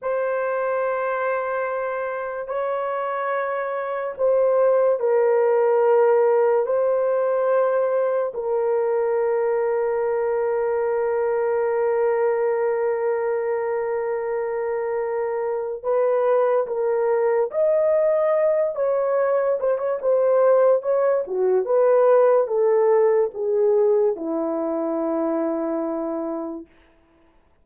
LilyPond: \new Staff \with { instrumentName = "horn" } { \time 4/4 \tempo 4 = 72 c''2. cis''4~ | cis''4 c''4 ais'2 | c''2 ais'2~ | ais'1~ |
ais'2. b'4 | ais'4 dis''4. cis''4 c''16 cis''16 | c''4 cis''8 fis'8 b'4 a'4 | gis'4 e'2. | }